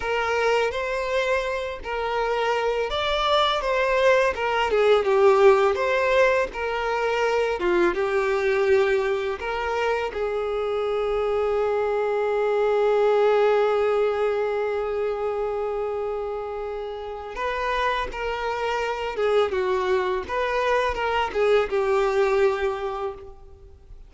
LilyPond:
\new Staff \with { instrumentName = "violin" } { \time 4/4 \tempo 4 = 83 ais'4 c''4. ais'4. | d''4 c''4 ais'8 gis'8 g'4 | c''4 ais'4. f'8 g'4~ | g'4 ais'4 gis'2~ |
gis'1~ | gis'1 | b'4 ais'4. gis'8 fis'4 | b'4 ais'8 gis'8 g'2 | }